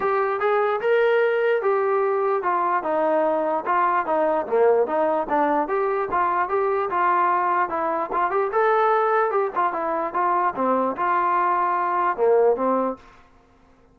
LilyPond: \new Staff \with { instrumentName = "trombone" } { \time 4/4 \tempo 4 = 148 g'4 gis'4 ais'2 | g'2 f'4 dis'4~ | dis'4 f'4 dis'4 ais4 | dis'4 d'4 g'4 f'4 |
g'4 f'2 e'4 | f'8 g'8 a'2 g'8 f'8 | e'4 f'4 c'4 f'4~ | f'2 ais4 c'4 | }